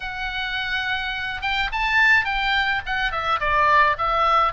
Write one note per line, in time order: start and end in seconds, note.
0.00 1.42 F#5
1.42 1.70 G5
1.72 2.25 A5
2.25 2.81 G5
2.86 3.11 F#5
3.11 3.39 E5
3.40 3.96 D5
3.98 4.53 E5